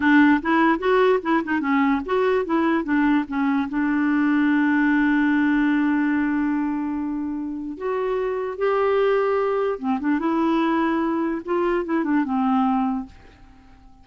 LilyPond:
\new Staff \with { instrumentName = "clarinet" } { \time 4/4 \tempo 4 = 147 d'4 e'4 fis'4 e'8 dis'8 | cis'4 fis'4 e'4 d'4 | cis'4 d'2.~ | d'1~ |
d'2. fis'4~ | fis'4 g'2. | c'8 d'8 e'2. | f'4 e'8 d'8 c'2 | }